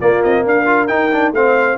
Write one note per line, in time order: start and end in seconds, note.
0.00 0.24 A#3
0.00 0.66 A#3
0.00 0.44 F4
0.00 0.23 D5
0.23 0.46 C4
0.23 0.45 D#5
0.45 0.89 D4
0.45 1.34 A#4
0.45 0.87 F5
0.66 0.88 F4
0.87 1.11 D#4
0.87 1.32 D#4
0.87 1.32 G5
1.12 1.34 D4
1.32 1.76 A3
1.32 1.77 C4
1.32 1.77 C5
1.32 1.77 F5